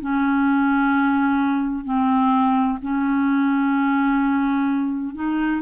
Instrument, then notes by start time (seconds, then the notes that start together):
clarinet
0.00 C#4
1.84 C4
2.81 C#4
5.14 D#4